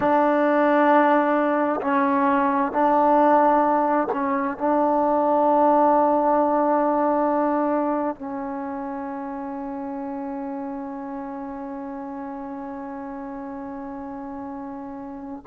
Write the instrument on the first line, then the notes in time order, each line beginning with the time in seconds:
trombone
0.00 D4
1.81 C#4
2.71 D4
4.12 C#4
4.57 D4
8.15 C#4